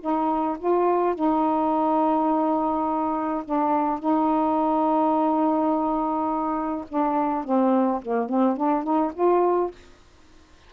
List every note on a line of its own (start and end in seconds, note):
0.00 0.57 D#4
0.58 1.15 F4
1.15 3.43 D#4
3.44 3.99 D4
3.99 6.85 D#4
6.88 7.44 D4
7.44 8.01 C4
8.02 8.29 A#3
8.29 8.56 C4
8.56 8.83 D4
8.83 9.12 D#4
9.14 9.71 F4